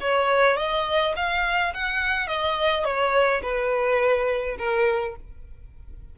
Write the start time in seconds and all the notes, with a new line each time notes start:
0.00 C#5
0.57 D#5
1.16 F5
1.74 F#5
2.27 D#5
2.84 C#5
3.42 B4
4.58 A#4